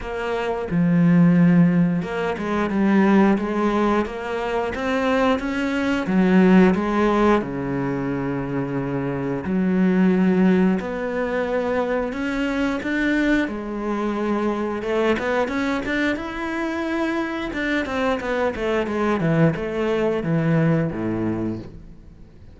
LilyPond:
\new Staff \with { instrumentName = "cello" } { \time 4/4 \tempo 4 = 89 ais4 f2 ais8 gis8 | g4 gis4 ais4 c'4 | cis'4 fis4 gis4 cis4~ | cis2 fis2 |
b2 cis'4 d'4 | gis2 a8 b8 cis'8 d'8 | e'2 d'8 c'8 b8 a8 | gis8 e8 a4 e4 a,4 | }